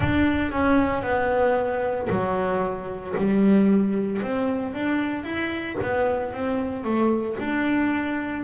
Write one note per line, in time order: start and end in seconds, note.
0.00 0.51 D4
0.51 1.02 C#4
1.02 2.08 B3
2.09 3.14 F#3
3.17 4.22 G3
4.22 4.74 C4
4.74 5.23 D4
5.23 5.76 E4
5.81 6.32 B3
6.32 6.84 C4
6.84 7.36 A3
7.39 8.44 D4